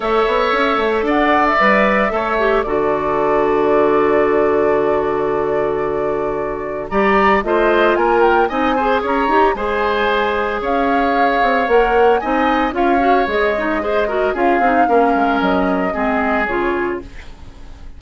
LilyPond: <<
  \new Staff \with { instrumentName = "flute" } { \time 4/4 \tempo 4 = 113 e''2 fis''8. e''4~ e''16~ | e''4 d''2.~ | d''1~ | d''4 ais''4 dis''4 gis''8 g''8 |
gis''4 ais''4 gis''2 | f''2 fis''4 gis''4 | f''4 dis''2 f''4~ | f''4 dis''2 cis''4 | }
  \new Staff \with { instrumentName = "oboe" } { \time 4/4 cis''2 d''2 | cis''4 a'2.~ | a'1~ | a'4 d''4 c''4 ais'4 |
dis''8 c''8 cis''4 c''2 | cis''2. dis''4 | cis''2 c''8 ais'8 gis'4 | ais'2 gis'2 | }
  \new Staff \with { instrumentName = "clarinet" } { \time 4/4 a'2. b'4 | a'8 g'8 fis'2.~ | fis'1~ | fis'4 g'4 f'2 |
dis'8 gis'4 g'8 gis'2~ | gis'2 ais'4 dis'4 | f'8 fis'8 gis'8 dis'8 gis'8 fis'8 f'8 dis'8 | cis'2 c'4 f'4 | }
  \new Staff \with { instrumentName = "bassoon" } { \time 4/4 a8 b8 cis'8 a8 d'4 g4 | a4 d2.~ | d1~ | d4 g4 a4 ais4 |
c'4 cis'8 dis'8 gis2 | cis'4. c'8 ais4 c'4 | cis'4 gis2 cis'8 c'8 | ais8 gis8 fis4 gis4 cis4 | }
>>